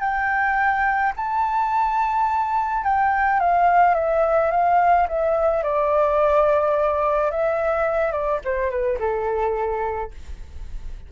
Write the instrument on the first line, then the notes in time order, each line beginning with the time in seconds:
flute
0.00 G5
1.16 A5
2.83 G5
3.40 F5
3.94 E5
4.51 F5
5.08 E5
5.63 D5
7.31 E5
8.12 D5
8.44 C5
8.70 B4
8.98 A4